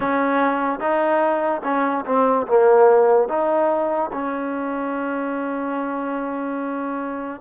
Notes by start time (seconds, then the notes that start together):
0.00 C#4
0.79 D#4
1.63 C#4
2.05 C4
2.47 A#3
3.28 D#4
4.12 C#4